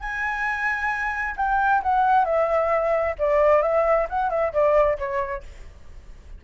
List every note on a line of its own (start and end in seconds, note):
0.00 1.35 G#5
1.37 1.82 G5
1.83 2.25 F#5
2.25 3.16 E5
3.19 3.63 D5
3.63 4.08 E5
4.10 4.30 F#5
4.30 4.53 E5
4.53 4.98 D5
4.98 5.44 C#5